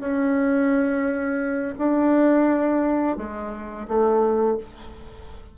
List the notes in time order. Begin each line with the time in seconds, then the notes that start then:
0.00 C#4
1.79 D4
3.17 G#3
3.88 A3